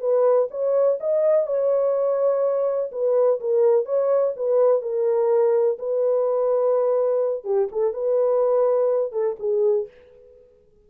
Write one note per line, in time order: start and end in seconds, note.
0.00 0.48 B4
0.50 0.98 C#5
1.00 1.47 D#5
1.47 2.91 C#5
2.92 3.40 B4
3.40 3.85 A#4
3.85 4.33 C#5
4.36 4.82 B4
4.82 5.78 A#4
5.79 7.44 B4
7.44 7.68 G4
7.72 7.93 A4
7.93 9.12 B4
9.12 9.36 A4
9.39 9.87 G#4